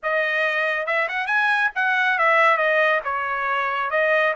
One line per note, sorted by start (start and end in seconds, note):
0.02 0.86 D#5
0.86 1.08 E5
1.08 1.26 F#5
1.26 1.70 G#5
1.75 2.18 F#5
2.18 2.57 E5
2.57 3.00 D#5
3.04 3.90 C#5
3.90 4.34 D#5